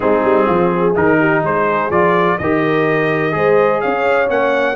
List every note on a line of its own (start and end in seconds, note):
0.00 0.23 G#3
0.00 0.95 C4
0.00 0.46 D#4
0.00 0.94 G#4
0.23 0.47 G3
0.46 0.95 F3
0.46 0.69 F4
0.70 1.18 G#4
0.95 1.42 D#3
0.95 1.90 D#4
0.95 1.44 A#4
1.19 1.42 G4
1.42 1.90 G#3
1.42 2.37 G#4
1.42 1.90 C5
1.90 2.38 F3
1.90 2.38 F4
1.90 2.38 D5
2.38 3.34 D#3
2.38 3.31 G4
2.38 3.35 A#4
2.38 3.80 D#5
3.31 3.81 G#3
3.31 4.26 G#4
3.31 3.81 C5
3.80 4.29 C#4
3.80 4.75 C#5
3.80 4.28 F5
4.27 4.75 A#3
4.27 4.75 C#4
4.27 4.75 F#5